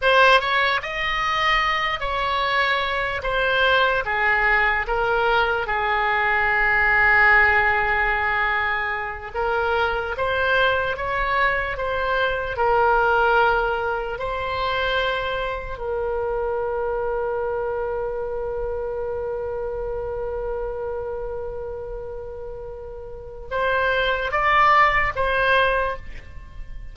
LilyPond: \new Staff \with { instrumentName = "oboe" } { \time 4/4 \tempo 4 = 74 c''8 cis''8 dis''4. cis''4. | c''4 gis'4 ais'4 gis'4~ | gis'2.~ gis'8 ais'8~ | ais'8 c''4 cis''4 c''4 ais'8~ |
ais'4. c''2 ais'8~ | ais'1~ | ais'1~ | ais'4 c''4 d''4 c''4 | }